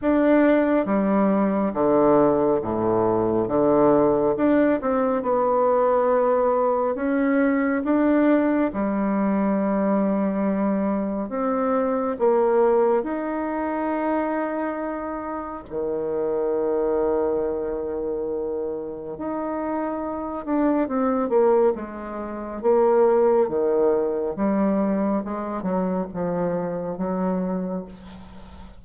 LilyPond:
\new Staff \with { instrumentName = "bassoon" } { \time 4/4 \tempo 4 = 69 d'4 g4 d4 a,4 | d4 d'8 c'8 b2 | cis'4 d'4 g2~ | g4 c'4 ais4 dis'4~ |
dis'2 dis2~ | dis2 dis'4. d'8 | c'8 ais8 gis4 ais4 dis4 | g4 gis8 fis8 f4 fis4 | }